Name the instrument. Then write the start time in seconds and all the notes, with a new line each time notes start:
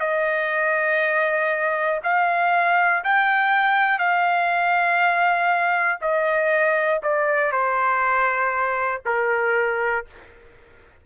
trumpet
0.00 D#5
2.03 F5
3.04 G5
3.99 F5
6.01 D#5
7.02 D5
7.52 C5
9.05 A#4